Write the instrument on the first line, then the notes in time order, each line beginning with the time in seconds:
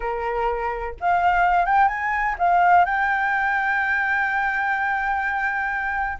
flute
0.00 A#4
1.00 F5
1.65 G5
1.87 G#5
2.38 F5
2.85 G5